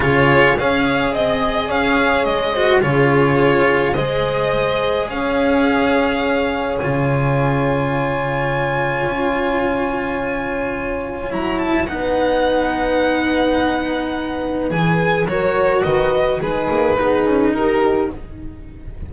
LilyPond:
<<
  \new Staff \with { instrumentName = "violin" } { \time 4/4 \tempo 4 = 106 cis''4 f''4 dis''4 f''4 | dis''4 cis''2 dis''4~ | dis''4 f''2. | gis''1~ |
gis''1 | ais''8 a''8 fis''2.~ | fis''2 gis''4 cis''4 | dis''4 b'2 ais'4 | }
  \new Staff \with { instrumentName = "horn" } { \time 4/4 gis'4 cis''4 dis''4 cis''4~ | cis''8 c''8 gis'2 c''4~ | c''4 cis''2.~ | cis''1~ |
cis''1~ | cis''4 b'2.~ | b'2. ais'4 | b'4 dis'4 gis'4 g'4 | }
  \new Staff \with { instrumentName = "cello" } { \time 4/4 f'4 gis'2.~ | gis'8 fis'8 f'2 gis'4~ | gis'1 | f'1~ |
f'1 | e'4 dis'2.~ | dis'2 gis'4 fis'4~ | fis'4 gis'4 dis'2 | }
  \new Staff \with { instrumentName = "double bass" } { \time 4/4 cis4 cis'4 c'4 cis'4 | gis4 cis2 gis4~ | gis4 cis'2. | cis1 |
cis'1 | fis4 b2.~ | b2 e4 fis4 | dis4 gis8 ais8 b8 cis'8 dis'4 | }
>>